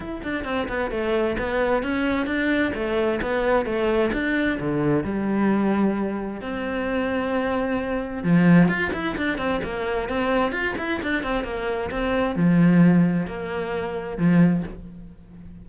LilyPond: \new Staff \with { instrumentName = "cello" } { \time 4/4 \tempo 4 = 131 e'8 d'8 c'8 b8 a4 b4 | cis'4 d'4 a4 b4 | a4 d'4 d4 g4~ | g2 c'2~ |
c'2 f4 f'8 e'8 | d'8 c'8 ais4 c'4 f'8 e'8 | d'8 c'8 ais4 c'4 f4~ | f4 ais2 f4 | }